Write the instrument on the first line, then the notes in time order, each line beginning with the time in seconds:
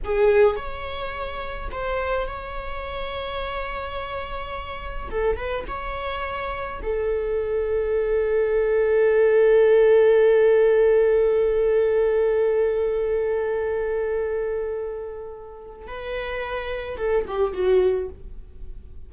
viola
0.04 G#4
0.56 C#5
1.71 C5
2.26 C#5
5.10 A4
5.36 B4
5.67 C#5
6.82 A4
15.87 B4
16.97 A4
17.27 G4
17.52 F#4